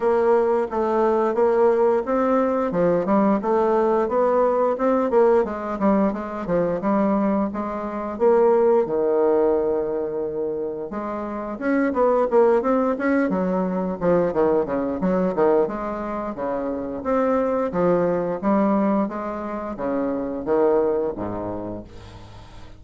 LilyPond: \new Staff \with { instrumentName = "bassoon" } { \time 4/4 \tempo 4 = 88 ais4 a4 ais4 c'4 | f8 g8 a4 b4 c'8 ais8 | gis8 g8 gis8 f8 g4 gis4 | ais4 dis2. |
gis4 cis'8 b8 ais8 c'8 cis'8 fis8~ | fis8 f8 dis8 cis8 fis8 dis8 gis4 | cis4 c'4 f4 g4 | gis4 cis4 dis4 gis,4 | }